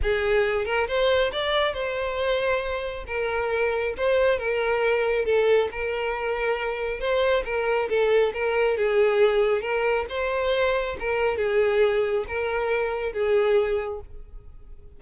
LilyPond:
\new Staff \with { instrumentName = "violin" } { \time 4/4 \tempo 4 = 137 gis'4. ais'8 c''4 d''4 | c''2. ais'4~ | ais'4 c''4 ais'2 | a'4 ais'2. |
c''4 ais'4 a'4 ais'4 | gis'2 ais'4 c''4~ | c''4 ais'4 gis'2 | ais'2 gis'2 | }